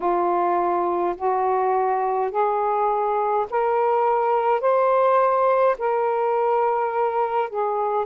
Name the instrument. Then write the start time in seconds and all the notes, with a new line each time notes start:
saxophone
0.00 F4
1.16 F#4
2.31 G#4
3.49 A#4
4.60 C5
5.78 A#4
7.49 G#4